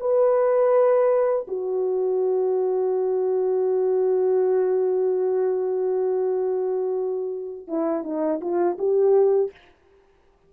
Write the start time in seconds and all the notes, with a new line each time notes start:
0.00 B4
1.47 F#4
7.67 E4
8.03 D#4
8.40 F4
8.78 G4